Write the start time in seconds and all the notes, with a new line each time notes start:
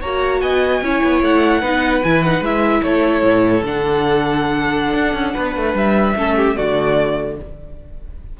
0.00 A#3 F#4 C#5 A#5
0.41 B3 D#5 G#5
0.82 C#4 E4 C#5
1.03 B3
1.22 A3 F#5
1.60 B3 D#4 B4
2.03 E3 E4 G#5
2.23 D#4 F#5
2.40 G#3 E4 E5
2.83 A3 A4 C#5
3.22 A2
3.63 D3 D4 F#5
4.93 D4
5.13 C#4
5.34 B3 B4
5.56 A3
5.74 G3 E5
6.16 A3 C#4 A4
6.36 G4
6.56 D3 A3 F#4 D5